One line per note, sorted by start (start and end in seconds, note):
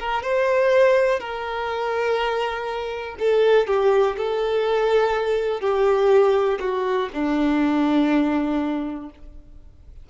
0.00 0.23 A#4
0.23 1.20 C5
1.20 3.17 A#4
3.19 3.68 A4
3.68 4.17 G4
4.17 5.61 A4
5.61 6.59 G4
6.60 7.09 F#4
7.13 9.10 D4